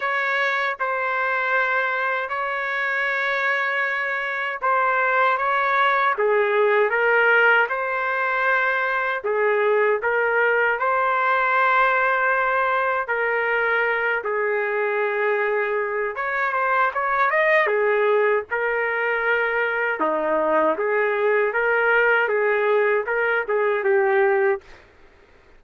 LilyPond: \new Staff \with { instrumentName = "trumpet" } { \time 4/4 \tempo 4 = 78 cis''4 c''2 cis''4~ | cis''2 c''4 cis''4 | gis'4 ais'4 c''2 | gis'4 ais'4 c''2~ |
c''4 ais'4. gis'4.~ | gis'4 cis''8 c''8 cis''8 dis''8 gis'4 | ais'2 dis'4 gis'4 | ais'4 gis'4 ais'8 gis'8 g'4 | }